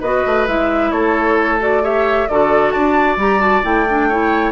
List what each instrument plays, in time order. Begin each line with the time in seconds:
0.00 bassoon B3, clarinet F#4, oboe B4, flute D#5
0.26 bassoon A3
0.47 bassoon G#3, clarinet E4, flute E5
0.91 bassoon A3, oboe A4, flute C#5
1.60 clarinet F#4, flute D5
1.83 clarinet G4, oboe C#5, flute E5
2.28 bassoon D3, clarinet F#4, oboe A4, flute D5
2.71 bassoon D4, oboe D5, flute A5
3.17 bassoon G3, clarinet G4, flute A#5
3.40 clarinet F#4, flute A5
3.63 bassoon A3, clarinet E4, flute G5
3.89 clarinet D4
4.08 clarinet E4, oboe C#5